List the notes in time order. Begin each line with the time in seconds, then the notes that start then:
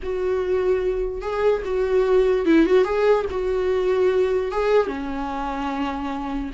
0.02 F#4
1.21 G#4
1.65 F#4
2.45 E4
2.65 F#4
2.84 G#4
3.30 F#4
4.51 G#4
4.87 C#4